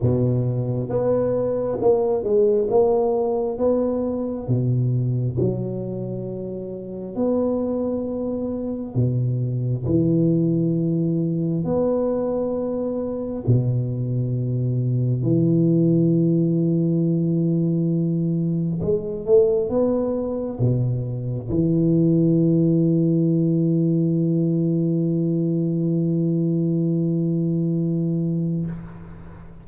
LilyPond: \new Staff \with { instrumentName = "tuba" } { \time 4/4 \tempo 4 = 67 b,4 b4 ais8 gis8 ais4 | b4 b,4 fis2 | b2 b,4 e4~ | e4 b2 b,4~ |
b,4 e2.~ | e4 gis8 a8 b4 b,4 | e1~ | e1 | }